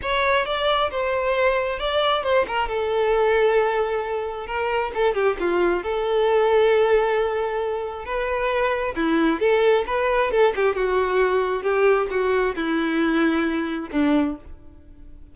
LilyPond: \new Staff \with { instrumentName = "violin" } { \time 4/4 \tempo 4 = 134 cis''4 d''4 c''2 | d''4 c''8 ais'8 a'2~ | a'2 ais'4 a'8 g'8 | f'4 a'2.~ |
a'2 b'2 | e'4 a'4 b'4 a'8 g'8 | fis'2 g'4 fis'4 | e'2. d'4 | }